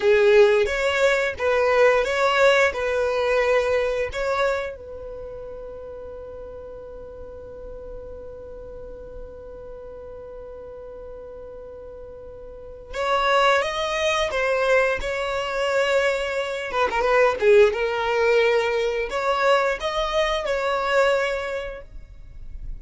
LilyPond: \new Staff \with { instrumentName = "violin" } { \time 4/4 \tempo 4 = 88 gis'4 cis''4 b'4 cis''4 | b'2 cis''4 b'4~ | b'1~ | b'1~ |
b'2. cis''4 | dis''4 c''4 cis''2~ | cis''8 b'16 ais'16 b'8 gis'8 ais'2 | cis''4 dis''4 cis''2 | }